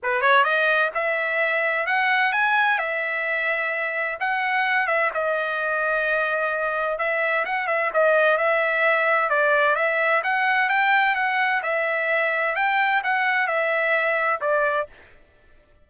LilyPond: \new Staff \with { instrumentName = "trumpet" } { \time 4/4 \tempo 4 = 129 b'8 cis''8 dis''4 e''2 | fis''4 gis''4 e''2~ | e''4 fis''4. e''8 dis''4~ | dis''2. e''4 |
fis''8 e''8 dis''4 e''2 | d''4 e''4 fis''4 g''4 | fis''4 e''2 g''4 | fis''4 e''2 d''4 | }